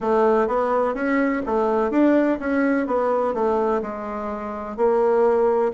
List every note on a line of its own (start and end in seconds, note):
0.00 0.47 A3
0.47 0.94 B3
0.94 1.42 C#4
1.45 1.90 A3
1.90 2.38 D4
2.39 2.87 C#4
2.87 3.33 B3
3.33 3.81 A3
3.81 4.76 G#3
4.76 5.71 A#3